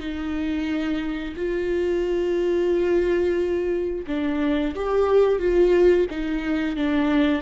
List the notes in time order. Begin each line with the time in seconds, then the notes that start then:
0.00 D#4
1.36 F4
4.07 D4
4.75 G4
5.39 F4
6.10 D#4
6.76 D4